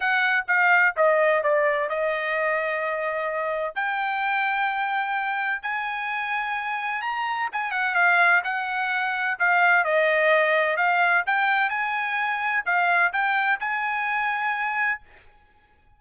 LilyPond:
\new Staff \with { instrumentName = "trumpet" } { \time 4/4 \tempo 4 = 128 fis''4 f''4 dis''4 d''4 | dis''1 | g''1 | gis''2. ais''4 |
gis''8 fis''8 f''4 fis''2 | f''4 dis''2 f''4 | g''4 gis''2 f''4 | g''4 gis''2. | }